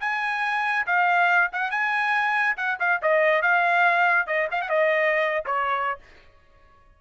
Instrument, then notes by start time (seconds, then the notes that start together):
trumpet
0.00 G#5
0.86 F5
1.52 F#5
1.71 G#5
2.57 F#5
2.80 F5
3.02 D#5
3.42 F5
4.26 D#5
4.51 F5
4.61 F#5
4.69 D#5
5.45 C#5